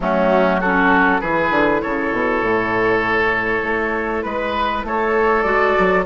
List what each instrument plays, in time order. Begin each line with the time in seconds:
0.00 bassoon F#3, clarinet A3, oboe C#4, flute F#4
0.60 clarinet C#4, oboe F#4, flute A4
1.20 bassoon E3, clarinet E4, oboe G#4, flute B4
1.50 bassoon D3
1.81 bassoon C#3, oboe A4, flute C#5
2.11 bassoon B2
2.42 bassoon A2
3.62 bassoon A3
4.22 bassoon G#3, flute B4, oboe B4
4.83 bassoon A3, oboe A4, flute C#5
5.42 bassoon G#3, clarinet F#4, flute D5
5.79 bassoon F#3